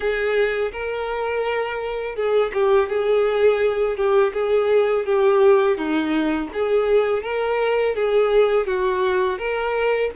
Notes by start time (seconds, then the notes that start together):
0.00 G#4
0.72 A#4
2.15 G#4
2.53 G4
2.89 G#4
3.96 G4
4.33 G#4
5.05 G4
5.77 D#4
6.53 G#4
7.23 A#4
7.95 G#4
8.66 F#4
9.38 A#4